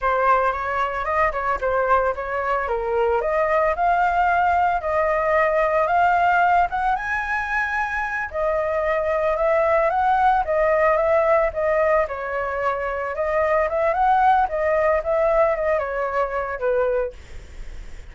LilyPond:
\new Staff \with { instrumentName = "flute" } { \time 4/4 \tempo 4 = 112 c''4 cis''4 dis''8 cis''8 c''4 | cis''4 ais'4 dis''4 f''4~ | f''4 dis''2 f''4~ | f''8 fis''8 gis''2~ gis''8 dis''8~ |
dis''4. e''4 fis''4 dis''8~ | dis''8 e''4 dis''4 cis''4.~ | cis''8 dis''4 e''8 fis''4 dis''4 | e''4 dis''8 cis''4. b'4 | }